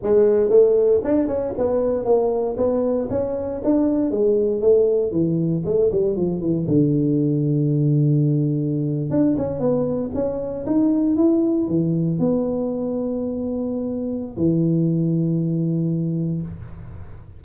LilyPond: \new Staff \with { instrumentName = "tuba" } { \time 4/4 \tempo 4 = 117 gis4 a4 d'8 cis'8 b4 | ais4 b4 cis'4 d'4 | gis4 a4 e4 a8 g8 | f8 e8 d2.~ |
d4.~ d16 d'8 cis'8 b4 cis'16~ | cis'8. dis'4 e'4 e4 b16~ | b1 | e1 | }